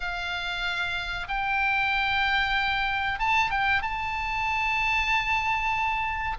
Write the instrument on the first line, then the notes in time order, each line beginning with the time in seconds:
oboe
0.00 F5
1.28 G5
3.19 A5
3.50 G5
3.82 A5